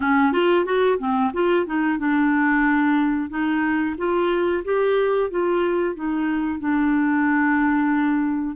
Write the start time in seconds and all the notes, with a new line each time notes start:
0.00 C#4
0.32 F4
0.65 F#4
0.98 C4
1.33 F4
1.66 D#4
1.98 D4
3.29 D#4
3.97 F4
4.64 G4
5.30 F4
5.95 D#4
6.59 D4